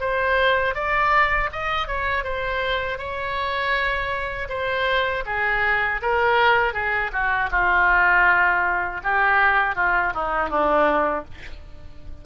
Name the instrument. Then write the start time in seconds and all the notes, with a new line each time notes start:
oboe
0.00 C5
0.75 D5
1.52 D#5
1.88 C#5
2.24 C5
2.98 C#5
4.49 C5
5.26 G#4
6.02 A#4
6.73 G#4
7.12 F#4
7.51 F4
9.03 G4
9.75 F4
10.14 D#4
10.50 D4